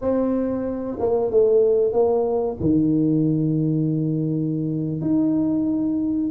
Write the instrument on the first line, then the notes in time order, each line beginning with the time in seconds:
tuba
0.01 C4
0.99 A#3
1.30 A3
1.92 A#3
2.60 D#3
5.01 D#4